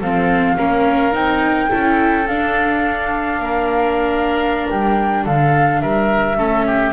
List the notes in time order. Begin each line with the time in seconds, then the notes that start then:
0.00 F3 C4 A4 F5
0.57 A#3 C#4 A#4
1.12 C4 D#4 G5
1.69 C#4 E4 A4
2.27 D4 F5
3.39 A#3 A#4
4.69 G3 G5
5.24 D3 A4 F5
5.81 G3 A#4 E5
6.37 A3 C#4 A4
6.66 G4